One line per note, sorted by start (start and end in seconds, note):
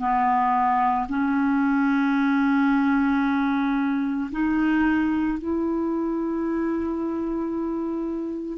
0.00 1.07 B3
1.09 4.31 C#4
4.32 5.39 D#4
5.39 8.58 E4